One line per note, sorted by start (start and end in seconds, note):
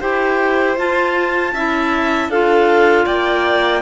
0.00 0.77 E4
0.00 0.78 G4
0.00 1.54 C5
0.00 0.78 G5
0.77 1.54 F4
0.77 1.55 F4
0.77 2.31 A5
1.54 2.29 C#4
1.54 2.32 E4
1.54 2.30 E5
2.29 3.06 D4
2.29 3.82 F4
2.29 3.06 A4
2.29 3.07 F5
3.06 3.82 A#3
3.06 3.82 D5
3.06 3.82 G5